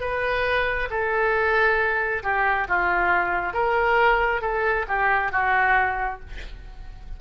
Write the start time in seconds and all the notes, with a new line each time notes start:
0.00 B4
0.90 A4
2.23 G4
2.68 F4
3.53 A#4
4.42 A4
4.88 G4
5.32 F#4